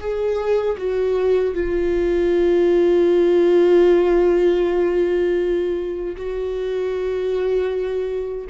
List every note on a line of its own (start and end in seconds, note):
0.00 0.77 G#4
0.78 1.55 F#4
1.55 6.16 F4
6.17 8.48 F#4